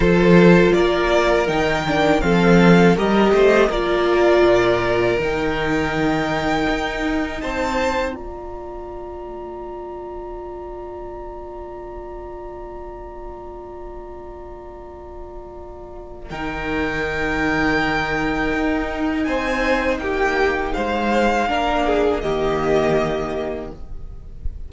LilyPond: <<
  \new Staff \with { instrumentName = "violin" } { \time 4/4 \tempo 4 = 81 c''4 d''4 g''4 f''4 | dis''4 d''2 g''4~ | g''2 a''4 ais''4~ | ais''1~ |
ais''1~ | ais''2 g''2~ | g''2 gis''4 g''4 | f''2 dis''2 | }
  \new Staff \with { instrumentName = "violin" } { \time 4/4 a'4 ais'2 a'4 | ais'8 c''8 ais'2.~ | ais'2 c''4 d''4~ | d''1~ |
d''1~ | d''2 ais'2~ | ais'2 c''4 g'4 | c''4 ais'8 gis'8 g'2 | }
  \new Staff \with { instrumentName = "viola" } { \time 4/4 f'2 dis'8 d'8 c'4 | g'4 f'2 dis'4~ | dis'2. f'4~ | f'1~ |
f'1~ | f'2 dis'2~ | dis'1~ | dis'4 d'4 ais2 | }
  \new Staff \with { instrumentName = "cello" } { \time 4/4 f4 ais4 dis4 f4 | g8 a8 ais4 ais,4 dis4~ | dis4 dis'4 c'4 ais4~ | ais1~ |
ais1~ | ais2 dis2~ | dis4 dis'4 c'4 ais4 | gis4 ais4 dis2 | }
>>